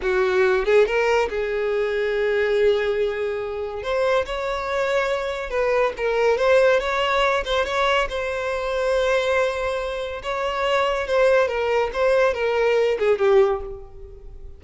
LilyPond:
\new Staff \with { instrumentName = "violin" } { \time 4/4 \tempo 4 = 141 fis'4. gis'8 ais'4 gis'4~ | gis'1~ | gis'4 c''4 cis''2~ | cis''4 b'4 ais'4 c''4 |
cis''4. c''8 cis''4 c''4~ | c''1 | cis''2 c''4 ais'4 | c''4 ais'4. gis'8 g'4 | }